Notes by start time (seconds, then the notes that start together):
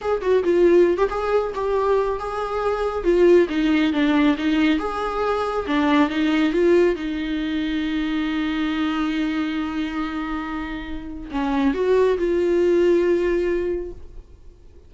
0.01 G#4
0.21 F#4
0.43 F4
0.97 G4
1.09 G#4
1.54 G4
2.19 G#4
3.04 F4
3.49 D#4
3.92 D4
4.37 D#4
4.78 G#4
5.66 D4
6.09 D#4
6.52 F4
6.95 D#4
11.31 C#4
11.74 F#4
12.18 F4